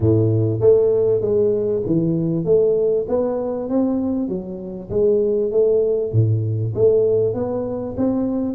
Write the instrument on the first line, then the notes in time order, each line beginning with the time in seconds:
tuba
0.00 A2
0.60 A3
1.21 G#3
1.85 E3
2.45 A3
3.08 B3
3.69 C4
4.28 F#3
4.90 G#3
5.51 A3
6.12 A2
6.75 A3
7.34 B3
7.97 C4